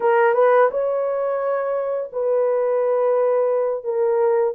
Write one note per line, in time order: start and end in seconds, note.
0.00 0.34 A#4
0.34 0.68 B4
0.70 2.10 C#5
2.12 3.84 B4
3.84 4.53 A#4